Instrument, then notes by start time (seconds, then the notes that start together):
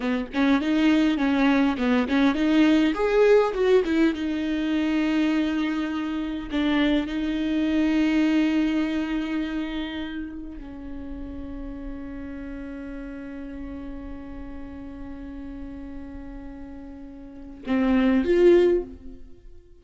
viola
0.00 B3
0.34 C#4
0.61 D#4
1.17 C#4
1.77 B3
2.08 C#4
2.34 D#4
2.94 G#4
3.53 F#4
3.84 E4
4.14 D#4
6.51 D4
7.06 D#4
10.57 C#4
17.66 C4
18.24 F4